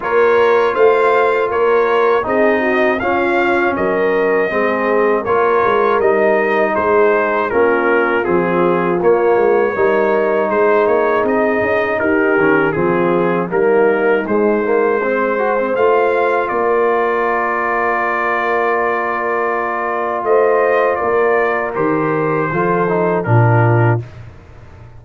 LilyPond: <<
  \new Staff \with { instrumentName = "trumpet" } { \time 4/4 \tempo 4 = 80 cis''4 f''4 cis''4 dis''4 | f''4 dis''2 cis''4 | dis''4 c''4 ais'4 gis'4 | cis''2 c''8 cis''8 dis''4 |
ais'4 gis'4 ais'4 c''4~ | c''4 f''4 d''2~ | d''2. dis''4 | d''4 c''2 ais'4 | }
  \new Staff \with { instrumentName = "horn" } { \time 4/4 ais'4 c''4 ais'4 gis'8 fis'8 | f'4 ais'4 gis'4 ais'4~ | ais'4 gis'4 f'2~ | f'4 ais'4 gis'2 |
g'4 f'4 dis'2 | c''2 ais'2~ | ais'2. c''4 | ais'2 a'4 f'4 | }
  \new Staff \with { instrumentName = "trombone" } { \time 4/4 f'2. dis'4 | cis'2 c'4 f'4 | dis'2 cis'4 c'4 | ais4 dis'2.~ |
dis'8 cis'8 c'4 ais4 gis8 ais8 | c'8 fis'16 c'16 f'2.~ | f'1~ | f'4 g'4 f'8 dis'8 d'4 | }
  \new Staff \with { instrumentName = "tuba" } { \time 4/4 ais4 a4 ais4 c'4 | cis'4 fis4 gis4 ais8 gis8 | g4 gis4 ais4 f4 | ais8 gis8 g4 gis8 ais8 c'8 cis'8 |
dis'8 dis8 f4 g4 gis4~ | gis4 a4 ais2~ | ais2. a4 | ais4 dis4 f4 ais,4 | }
>>